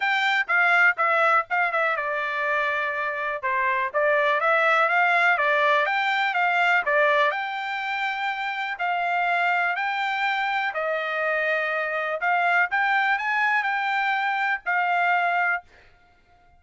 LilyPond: \new Staff \with { instrumentName = "trumpet" } { \time 4/4 \tempo 4 = 123 g''4 f''4 e''4 f''8 e''8 | d''2. c''4 | d''4 e''4 f''4 d''4 | g''4 f''4 d''4 g''4~ |
g''2 f''2 | g''2 dis''2~ | dis''4 f''4 g''4 gis''4 | g''2 f''2 | }